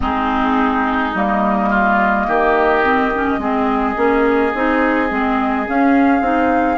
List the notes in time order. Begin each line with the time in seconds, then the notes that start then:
0.00 G#3 C4 D#4 G#4
1.14 G3 A#3 D#5
1.69 F4
2.27 D#3 G4
2.84 C4
3.14 C#4
3.38 G#3 C4 G#4
3.95 A#3 C#4
4.54 C4 D#4
5.09 G#3 C4
5.65 C#4 F5
6.20 C4 D#4